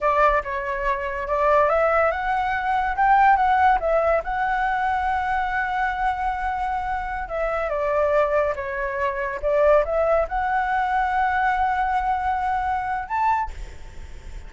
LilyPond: \new Staff \with { instrumentName = "flute" } { \time 4/4 \tempo 4 = 142 d''4 cis''2 d''4 | e''4 fis''2 g''4 | fis''4 e''4 fis''2~ | fis''1~ |
fis''4~ fis''16 e''4 d''4.~ d''16~ | d''16 cis''2 d''4 e''8.~ | e''16 fis''2.~ fis''8.~ | fis''2. a''4 | }